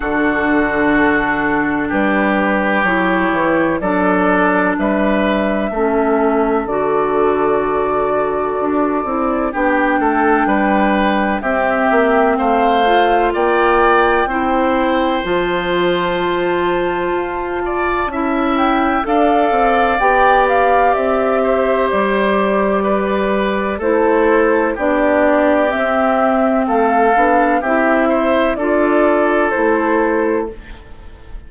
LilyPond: <<
  \new Staff \with { instrumentName = "flute" } { \time 4/4 \tempo 4 = 63 a'2 b'4 cis''4 | d''4 e''2 d''4~ | d''2 g''2 | e''4 f''4 g''2 |
a''2.~ a''8 g''8 | f''4 g''8 f''8 e''4 d''4~ | d''4 c''4 d''4 e''4 | f''4 e''4 d''4 c''4 | }
  \new Staff \with { instrumentName = "oboe" } { \time 4/4 fis'2 g'2 | a'4 b'4 a'2~ | a'2 g'8 a'8 b'4 | g'4 c''4 d''4 c''4~ |
c''2~ c''8 d''8 e''4 | d''2~ d''8 c''4. | b'4 a'4 g'2 | a'4 g'8 c''8 a'2 | }
  \new Staff \with { instrumentName = "clarinet" } { \time 4/4 d'2. e'4 | d'2 cis'4 fis'4~ | fis'4. e'8 d'2 | c'4. f'4. e'4 |
f'2. e'4 | a'4 g'2.~ | g'4 e'4 d'4 c'4~ | c'8 d'8 e'4 f'4 e'4 | }
  \new Staff \with { instrumentName = "bassoon" } { \time 4/4 d2 g4 fis8 e8 | fis4 g4 a4 d4~ | d4 d'8 c'8 b8 a8 g4 | c'8 ais8 a4 ais4 c'4 |
f2 f'4 cis'4 | d'8 c'8 b4 c'4 g4~ | g4 a4 b4 c'4 | a8 b8 c'4 d'4 a4 | }
>>